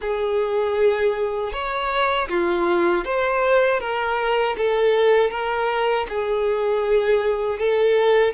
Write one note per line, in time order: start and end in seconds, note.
0.01 1.52 G#4
1.52 2.28 C#5
2.28 3.04 F4
3.04 3.80 C5
3.80 4.56 A#4
4.57 5.30 A4
5.30 6.06 A#4
6.08 7.58 G#4
7.58 8.33 A4